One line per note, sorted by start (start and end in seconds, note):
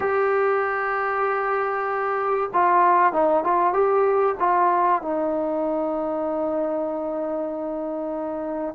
0.00 2.49 G4
2.53 3.12 F4
3.12 3.44 D#4
3.44 3.73 F4
3.73 4.35 G4
4.39 5.01 F4
5.02 8.74 D#4